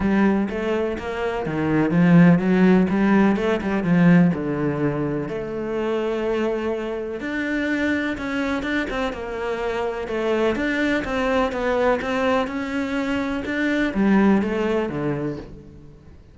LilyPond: \new Staff \with { instrumentName = "cello" } { \time 4/4 \tempo 4 = 125 g4 a4 ais4 dis4 | f4 fis4 g4 a8 g8 | f4 d2 a4~ | a2. d'4~ |
d'4 cis'4 d'8 c'8 ais4~ | ais4 a4 d'4 c'4 | b4 c'4 cis'2 | d'4 g4 a4 d4 | }